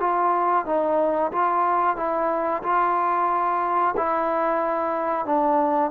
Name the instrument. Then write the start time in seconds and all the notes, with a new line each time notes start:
trombone
0.00 F4
0.66 D#4
1.32 F4
1.97 E4
2.63 F4
3.97 E4
5.26 D4